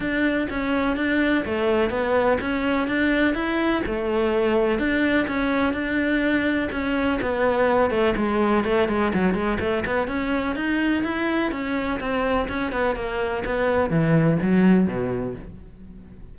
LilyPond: \new Staff \with { instrumentName = "cello" } { \time 4/4 \tempo 4 = 125 d'4 cis'4 d'4 a4 | b4 cis'4 d'4 e'4 | a2 d'4 cis'4 | d'2 cis'4 b4~ |
b8 a8 gis4 a8 gis8 fis8 gis8 | a8 b8 cis'4 dis'4 e'4 | cis'4 c'4 cis'8 b8 ais4 | b4 e4 fis4 b,4 | }